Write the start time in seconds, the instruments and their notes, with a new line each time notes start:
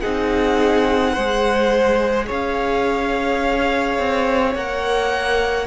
0.00 cello C4, viola D#4, violin G#4 F#5
1.12 cello G#3, viola G#4, violin C5
2.26 cello C#4, violin C#5 F5
3.98 cello C4
4.55 cello A#3, viola A#4, violin F#5